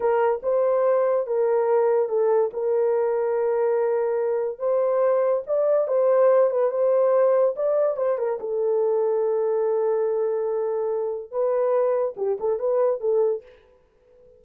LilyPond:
\new Staff \with { instrumentName = "horn" } { \time 4/4 \tempo 4 = 143 ais'4 c''2 ais'4~ | ais'4 a'4 ais'2~ | ais'2. c''4~ | c''4 d''4 c''4. b'8 |
c''2 d''4 c''8 ais'8 | a'1~ | a'2. b'4~ | b'4 g'8 a'8 b'4 a'4 | }